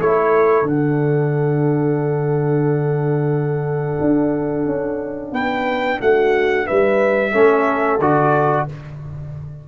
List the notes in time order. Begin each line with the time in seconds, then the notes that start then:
0.00 A3 E4 A4 C#5
0.62 D3 D4 F#5
4.01 D4
4.65 C#4
5.32 B3 B4 G5
6.00 A3 F#4 F#5
6.66 G3 B4 E5
7.32 A3 C#4 A4
8.00 D3 F#4 D5